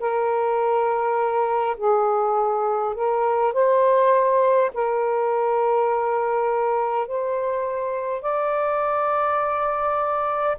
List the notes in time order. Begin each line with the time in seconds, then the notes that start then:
0.00 A#4
1.77 G#4
2.95 A#4
3.53 C5
4.74 A#4
7.07 C5
8.22 D5